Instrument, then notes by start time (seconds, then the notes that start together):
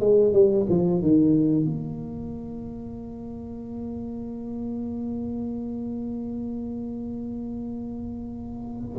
tuba
0.00 G#3
0.33 G3
0.69 F3
1.02 D#3
1.65 A#3